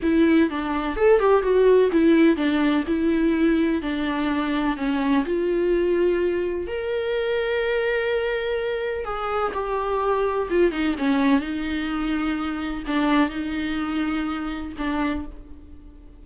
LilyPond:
\new Staff \with { instrumentName = "viola" } { \time 4/4 \tempo 4 = 126 e'4 d'4 a'8 g'8 fis'4 | e'4 d'4 e'2 | d'2 cis'4 f'4~ | f'2 ais'2~ |
ais'2. gis'4 | g'2 f'8 dis'8 cis'4 | dis'2. d'4 | dis'2. d'4 | }